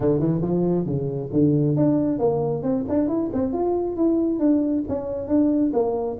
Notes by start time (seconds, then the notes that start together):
0.00 D3
0.19 E3
0.41 F3
0.86 C#3
1.32 D3
1.76 D4
2.18 A#3
2.62 C4
2.88 D4
3.07 E4
3.33 C4
3.53 F4
3.96 E4
4.39 D4
4.88 C#4
5.28 D4
5.73 A#3